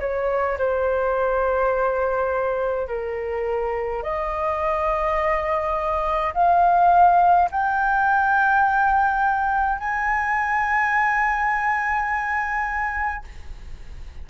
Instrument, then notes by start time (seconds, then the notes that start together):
flute
0.00 C#5
0.58 C5
2.88 A#4
4.03 D#5
6.35 F5
7.52 G5
9.79 G#5